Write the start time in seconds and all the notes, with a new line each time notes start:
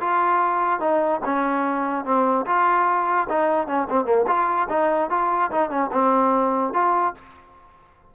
0.00 F4
0.80 D#4
1.24 C#4
2.05 C4
2.46 F4
3.29 D#4
3.67 C#4
3.89 C4
4.05 A#3
4.27 F4
4.69 D#4
5.10 F4
5.51 D#4
5.70 C#4
5.92 C4
6.73 F4